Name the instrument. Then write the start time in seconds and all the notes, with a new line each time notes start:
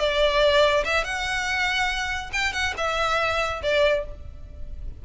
violin
0.00 D5
0.85 E5
1.04 F#5
2.33 G5
2.53 F#5
2.78 E5
3.63 D5